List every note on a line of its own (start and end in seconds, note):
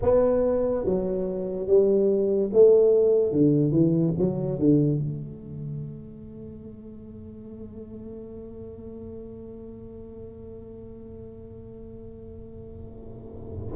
0.02 0.84 B3
0.84 1.67 F#3
1.67 2.50 G3
2.52 3.31 A3
3.31 3.71 D3
3.71 4.13 E3
4.18 4.58 F#3
4.58 4.98 D3
4.98 13.73 A3